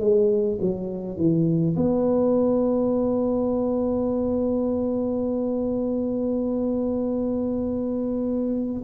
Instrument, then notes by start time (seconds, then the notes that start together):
tuba
0.00 G#3
0.61 F#3
1.17 E3
1.76 B3